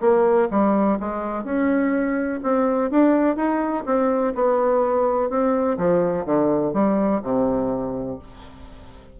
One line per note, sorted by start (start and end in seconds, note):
0.00 0.48 A#3
0.50 0.98 G3
0.99 1.44 G#3
1.44 2.40 C#4
2.43 2.90 C4
2.90 3.36 D4
3.36 3.84 D#4
3.86 4.34 C4
4.35 5.29 B3
5.29 5.77 C4
5.78 6.25 F3
6.25 6.73 D3
6.73 7.21 G3
7.22 8.18 C3